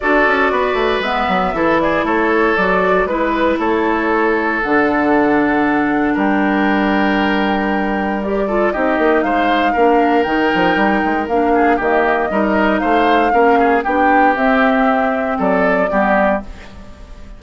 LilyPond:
<<
  \new Staff \with { instrumentName = "flute" } { \time 4/4 \tempo 4 = 117 d''2 e''4. d''8 | cis''4 d''4 b'4 cis''4~ | cis''4 fis''2. | g''1 |
d''4 dis''4 f''2 | g''2 f''4 dis''4~ | dis''4 f''2 g''4 | e''2 d''2 | }
  \new Staff \with { instrumentName = "oboe" } { \time 4/4 a'4 b'2 a'8 gis'8 | a'2 b'4 a'4~ | a'1 | ais'1~ |
ais'8 a'8 g'4 c''4 ais'4~ | ais'2~ ais'8 gis'8 g'4 | ais'4 c''4 ais'8 gis'8 g'4~ | g'2 a'4 g'4 | }
  \new Staff \with { instrumentName = "clarinet" } { \time 4/4 fis'2 b4 e'4~ | e'4 fis'4 e'2~ | e'4 d'2.~ | d'1 |
g'8 f'8 dis'2 d'4 | dis'2 d'4 ais4 | dis'2 cis'4 d'4 | c'2. b4 | }
  \new Staff \with { instrumentName = "bassoon" } { \time 4/4 d'8 cis'8 b8 a8 gis8 fis8 e4 | a4 fis4 gis4 a4~ | a4 d2. | g1~ |
g4 c'8 ais8 gis4 ais4 | dis8 f8 g8 gis8 ais4 dis4 | g4 a4 ais4 b4 | c'2 fis4 g4 | }
>>